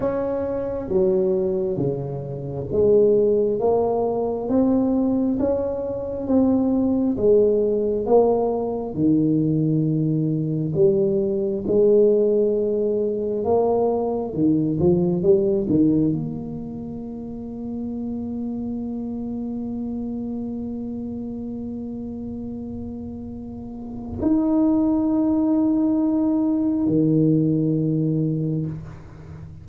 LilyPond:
\new Staff \with { instrumentName = "tuba" } { \time 4/4 \tempo 4 = 67 cis'4 fis4 cis4 gis4 | ais4 c'4 cis'4 c'4 | gis4 ais4 dis2 | g4 gis2 ais4 |
dis8 f8 g8 dis8 ais2~ | ais1~ | ais2. dis'4~ | dis'2 dis2 | }